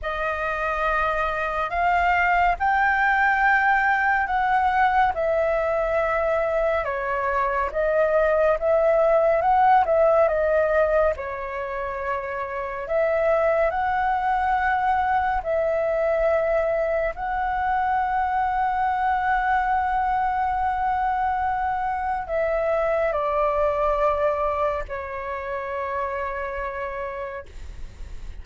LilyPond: \new Staff \with { instrumentName = "flute" } { \time 4/4 \tempo 4 = 70 dis''2 f''4 g''4~ | g''4 fis''4 e''2 | cis''4 dis''4 e''4 fis''8 e''8 | dis''4 cis''2 e''4 |
fis''2 e''2 | fis''1~ | fis''2 e''4 d''4~ | d''4 cis''2. | }